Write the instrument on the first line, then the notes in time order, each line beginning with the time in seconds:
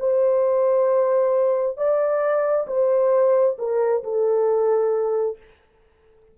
horn
0.00 C5
1.78 D5
2.68 C5
3.59 A#4
4.04 A4